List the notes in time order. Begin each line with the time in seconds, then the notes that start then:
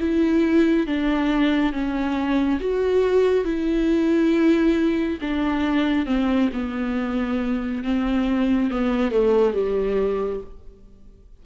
0.00 E4
0.87 D4
1.73 C#4
2.60 F#4
3.45 E4
5.21 D4
6.06 C4
6.53 B3
7.84 C4
8.71 B3
9.12 A3
9.53 G3